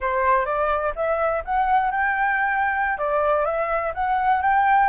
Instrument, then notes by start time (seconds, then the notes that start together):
flute
0.01 C5
0.45 D5
0.95 E5
1.44 F#5
1.91 G5
2.98 D5
3.45 E5
3.94 F#5
4.42 G5